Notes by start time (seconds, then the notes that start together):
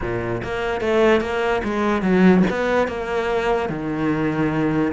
0.01 A#2
0.43 A#3
0.81 A3
1.20 A#3
1.64 G#3
2.02 F#3
2.50 B3
2.87 A#3
3.69 D#3